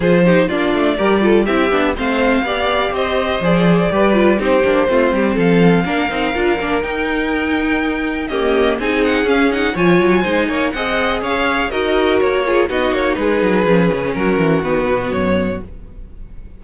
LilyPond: <<
  \new Staff \with { instrumentName = "violin" } { \time 4/4 \tempo 4 = 123 c''4 d''2 e''4 | f''2 dis''4 d''4~ | d''4 c''2 f''4~ | f''2 g''2~ |
g''4 dis''4 gis''8 fis''8 f''8 fis''8 | gis''2 fis''4 f''4 | dis''4 cis''4 dis''8 cis''8 b'4~ | b'4 ais'4 b'4 cis''4 | }
  \new Staff \with { instrumentName = "violin" } { \time 4/4 gis'8 g'8 f'4 ais'8 a'8 g'4 | c''4 d''4 c''2 | b'4 g'4 f'8 g'8 a'4 | ais'1~ |
ais'4 g'4 gis'2 | cis''4 c''8 cis''8 dis''4 cis''4 | ais'4. gis'8 fis'4 gis'4~ | gis'4 fis'2. | }
  \new Staff \with { instrumentName = "viola" } { \time 4/4 f'8 dis'8 d'4 g'8 f'8 e'8 d'8 | c'4 g'2 gis'4 | g'8 f'8 dis'8 d'8 c'2 | d'8 dis'8 f'8 d'8 dis'2~ |
dis'4 ais4 dis'4 cis'8 dis'8 | f'4 dis'4 gis'2 | fis'4. f'8 dis'2 | cis'2 b2 | }
  \new Staff \with { instrumentName = "cello" } { \time 4/4 f4 ais8 a8 g4 c'8 b8 | a4 b4 c'4 f4 | g4 c'8 ais8 a8 g8 f4 | ais8 c'8 d'8 ais8 dis'2~ |
dis'4 cis'4 c'4 cis'4 | f8 fis8 gis8 ais8 c'4 cis'4 | dis'4 ais4 b8 ais8 gis8 fis8 | f8 cis8 fis8 e8 dis8 b,8 fis,4 | }
>>